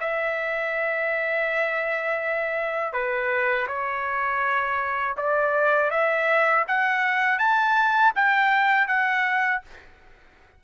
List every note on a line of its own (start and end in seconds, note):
0.00 2.93 E5
2.93 3.67 B4
3.67 5.15 C#5
5.17 5.91 D5
5.91 6.65 E5
6.67 7.38 F#5
7.38 8.12 A5
8.15 8.88 G5
8.88 9.62 F#5